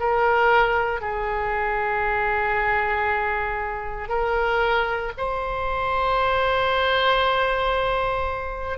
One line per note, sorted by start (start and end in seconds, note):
0.00 1.01 A#4
1.01 4.09 G#4
4.09 5.12 A#4
5.17 8.78 C5